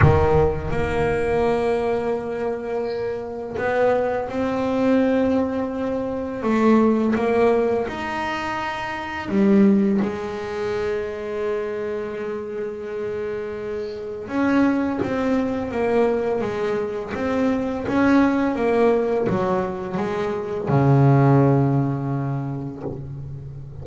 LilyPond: \new Staff \with { instrumentName = "double bass" } { \time 4/4 \tempo 4 = 84 dis4 ais2.~ | ais4 b4 c'2~ | c'4 a4 ais4 dis'4~ | dis'4 g4 gis2~ |
gis1 | cis'4 c'4 ais4 gis4 | c'4 cis'4 ais4 fis4 | gis4 cis2. | }